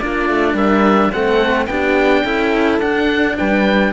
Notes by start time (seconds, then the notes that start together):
0.00 A#3 D4 F4 D5
0.30 A3
0.54 G3 A#4 E5
1.12 A3 C4 A4 F#5
1.66 B3 D4 G4 G5
2.23 C#4 E4 A4
2.79 D4 F#5
3.37 G3 B4 G5